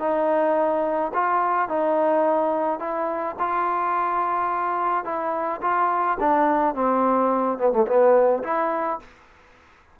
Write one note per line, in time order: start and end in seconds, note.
0.00 1.12 D#4
1.14 1.69 F4
1.69 2.80 D#4
2.80 3.36 E4
3.39 5.05 F4
5.05 5.61 E4
5.62 6.18 F4
6.20 6.75 D4
6.75 7.59 C4
7.59 7.73 B3
7.73 7.87 A3
7.87 8.43 B3
8.44 9.00 E4